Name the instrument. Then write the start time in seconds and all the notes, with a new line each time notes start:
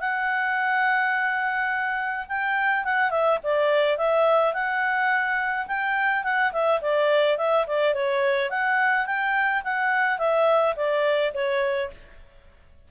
clarinet
0.00 F#5
2.28 G5
2.84 F#5
3.10 E5
3.43 D5
3.98 E5
4.54 F#5
5.67 G5
6.24 F#5
6.52 E5
6.81 D5
7.38 E5
7.67 D5
7.94 C#5
8.50 F#5
9.06 G5
9.64 F#5
10.18 E5
10.76 D5
11.34 C#5